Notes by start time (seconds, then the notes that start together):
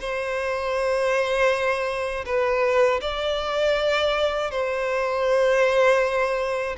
0.00 C5
2.26 B4
3.02 D5
4.51 C5